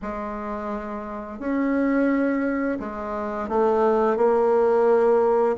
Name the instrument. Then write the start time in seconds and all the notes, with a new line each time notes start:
bassoon
0.02 G#3
1.39 C#4
2.79 G#3
3.49 A3
4.16 A#3